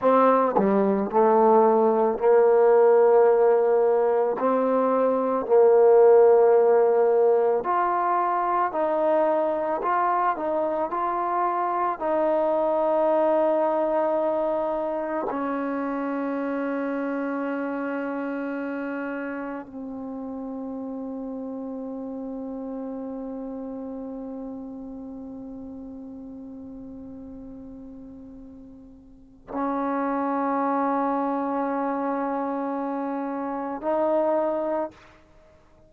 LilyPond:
\new Staff \with { instrumentName = "trombone" } { \time 4/4 \tempo 4 = 55 c'8 g8 a4 ais2 | c'4 ais2 f'4 | dis'4 f'8 dis'8 f'4 dis'4~ | dis'2 cis'2~ |
cis'2 c'2~ | c'1~ | c'2. cis'4~ | cis'2. dis'4 | }